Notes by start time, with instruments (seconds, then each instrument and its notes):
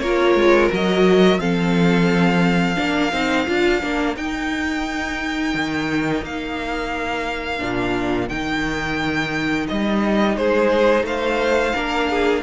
0.00 cello A#3, viola F4, violin A#4 C#5
0.35 cello G#3
0.72 cello F#3, viola F#4, violin D#5
1.39 cello F3, viola C4, violin A4 F5
2.76 cello A#3, viola D4, violin A#4
3.13 cello C4, viola D#4
3.47 cello D4, viola F4
3.81 cello A#3, viola D4
4.16 cello D#4, viola D#4, violin G5
5.55 cello D#3
6.22 cello A#3, violin F5
7.58 cello A#2, viola D4
8.29 cello D#3, viola D#4, violin G5
9.68 cello G3, violin D#5
10.37 cello G#3, violin G#4 C5
11.03 cello A3, violin C5 F5
11.74 cello A#3, viola D4, violin A#4
12.10 violin G#4